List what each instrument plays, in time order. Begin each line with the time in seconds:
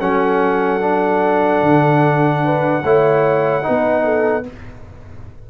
0.00 tuba F#3, trombone C#4, horn A4, trumpet F#5
0.80 trombone D4
1.61 tuba D3
2.44 horn B4
2.83 tuba A3, trombone E4, horn C#5
3.62 trombone D#4, horn B4
3.68 tuba B3
4.04 horn A4